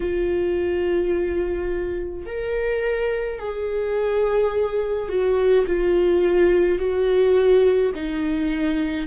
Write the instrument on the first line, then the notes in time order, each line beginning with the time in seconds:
viola
0.00 F4
2.26 A#4
3.39 G#4
5.08 F#4
5.66 F4
6.79 F#4
7.95 D#4